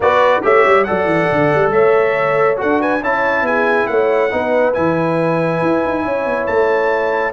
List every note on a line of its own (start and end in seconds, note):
0.00 0.41 B3
0.00 0.42 F#4
0.00 0.43 B4
0.00 0.44 D5
0.42 0.65 A3
0.42 0.85 G4
0.42 0.86 C#5
0.42 0.84 E5
0.66 0.88 G3
0.84 1.05 F#3
0.84 2.56 A4
0.84 1.73 D5
0.84 1.70 F#5
1.05 1.26 E3
1.31 1.53 D3
1.54 1.71 G3
1.71 2.57 A3
1.71 2.59 C#5
1.71 2.58 E5
2.56 3.01 D4
2.56 2.99 F#4
2.56 2.80 A4
2.56 2.81 F#5
2.80 3.01 B4
2.80 3.03 G#5
3.01 3.42 C#4
3.01 4.30 E4
3.01 3.45 C#5
3.01 3.46 A5
3.42 3.85 B3
3.42 3.89 G#4
3.42 3.86 G#5
3.86 4.31 A3
3.86 4.31 C#5
3.86 4.73 F#5
4.30 4.76 B3
4.30 4.73 D#4
4.30 6.04 B4
4.73 5.62 E3
4.73 7.32 E4
4.73 6.46 G#5
5.62 5.83 E4
5.84 6.05 D#4
6.04 6.25 C#4
6.04 7.32 C#5
6.25 6.47 B3
6.46 7.32 A3
6.46 7.32 A5